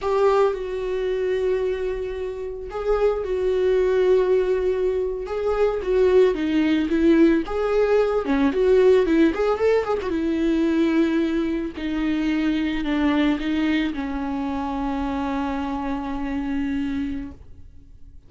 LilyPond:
\new Staff \with { instrumentName = "viola" } { \time 4/4 \tempo 4 = 111 g'4 fis'2.~ | fis'4 gis'4 fis'2~ | fis'4.~ fis'16 gis'4 fis'4 dis'16~ | dis'8. e'4 gis'4. cis'8 fis'16~ |
fis'8. e'8 gis'8 a'8 gis'16 fis'16 e'4~ e'16~ | e'4.~ e'16 dis'2 d'16~ | d'8. dis'4 cis'2~ cis'16~ | cis'1 | }